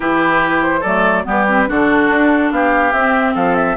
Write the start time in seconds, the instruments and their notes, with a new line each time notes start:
0.00 bassoon E3, clarinet E4, oboe G4, flute B4
0.62 flute C5
0.80 bassoon F#3, clarinet A3, oboe A4, flute D5
1.24 bassoon G3, clarinet B3, oboe G4, flute B4
1.47 clarinet C4
1.67 bassoon D3, clarinet D4, oboe F#4, flute A4
2.10 bassoon D4
2.51 bassoon B3, oboe G4, flute F5
2.92 bassoon C4, clarinet C4, flute E5
3.34 bassoon F3, oboe A4, flute F5
3.56 flute E5